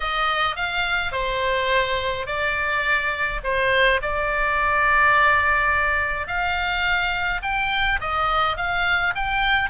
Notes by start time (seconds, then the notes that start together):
0.00 D#5
0.56 F5
1.12 C5
2.26 D5
3.43 C5
4.02 D5
6.27 F5
7.42 G5
8.00 D#5
8.57 F5
9.15 G5